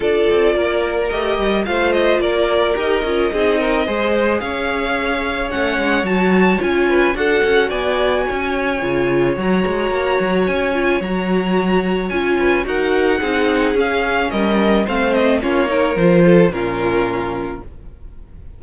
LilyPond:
<<
  \new Staff \with { instrumentName = "violin" } { \time 4/4 \tempo 4 = 109 d''2 dis''4 f''8 dis''8 | d''4 dis''2. | f''2 fis''4 a''4 | gis''4 fis''4 gis''2~ |
gis''4 ais''2 gis''4 | ais''2 gis''4 fis''4~ | fis''4 f''4 dis''4 f''8 dis''8 | cis''4 c''4 ais'2 | }
  \new Staff \with { instrumentName = "violin" } { \time 4/4 a'4 ais'2 c''4 | ais'2 gis'8 ais'8 c''4 | cis''1~ | cis''8 b'8 a'4 d''4 cis''4~ |
cis''1~ | cis''2~ cis''8 b'8 ais'4 | gis'2 ais'4 c''4 | f'8 ais'4 a'8 f'2 | }
  \new Staff \with { instrumentName = "viola" } { \time 4/4 f'2 g'4 f'4~ | f'4 g'8 f'8 dis'4 gis'4~ | gis'2 cis'4 fis'4 | f'4 fis'2. |
f'4 fis'2~ fis'8 f'8 | fis'2 f'4 fis'4 | dis'4 cis'2 c'4 | cis'8 dis'8 f'4 cis'2 | }
  \new Staff \with { instrumentName = "cello" } { \time 4/4 d'8 c'8 ais4 a8 g8 a4 | ais4 dis'8 cis'8 c'4 gis4 | cis'2 a8 gis8 fis4 | cis'4 d'8 cis'8 b4 cis'4 |
cis4 fis8 gis8 ais8 fis8 cis'4 | fis2 cis'4 dis'4 | c'4 cis'4 g4 a4 | ais4 f4 ais,2 | }
>>